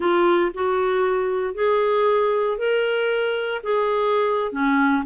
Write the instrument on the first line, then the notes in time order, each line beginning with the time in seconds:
clarinet
0.00 F4
0.53 F#4
1.54 G#4
2.58 A#4
3.63 G#4
4.51 C#4